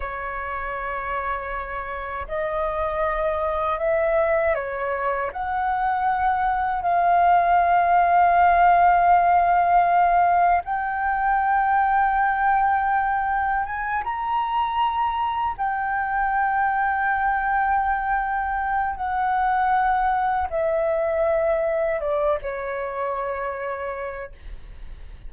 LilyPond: \new Staff \with { instrumentName = "flute" } { \time 4/4 \tempo 4 = 79 cis''2. dis''4~ | dis''4 e''4 cis''4 fis''4~ | fis''4 f''2.~ | f''2 g''2~ |
g''2 gis''8 ais''4.~ | ais''8 g''2.~ g''8~ | g''4 fis''2 e''4~ | e''4 d''8 cis''2~ cis''8 | }